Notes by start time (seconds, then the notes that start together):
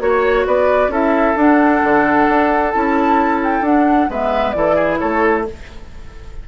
0.00 A#3 F#4 C#5
0.47 B3 B4 D5
0.89 C#4 E4 A4 E5
1.37 D4 F#5
1.84 D3
2.29 D4
2.72 C#4 E4 A5
3.44 G5
3.62 D4 F#5
4.10 G#3 B3 B4 E5
4.51 E3 E4 D5
4.58 A4
4.76 G#4
4.99 A3 A4 C#5